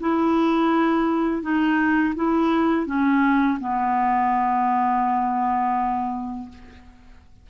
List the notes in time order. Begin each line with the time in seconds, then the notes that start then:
0.00 E4
1.42 D#4
2.15 E4
2.86 C#4
3.60 B3